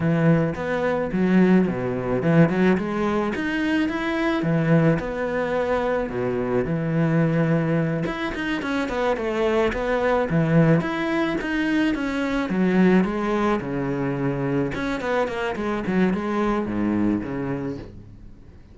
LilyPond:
\new Staff \with { instrumentName = "cello" } { \time 4/4 \tempo 4 = 108 e4 b4 fis4 b,4 | e8 fis8 gis4 dis'4 e'4 | e4 b2 b,4 | e2~ e8 e'8 dis'8 cis'8 |
b8 a4 b4 e4 e'8~ | e'8 dis'4 cis'4 fis4 gis8~ | gis8 cis2 cis'8 b8 ais8 | gis8 fis8 gis4 gis,4 cis4 | }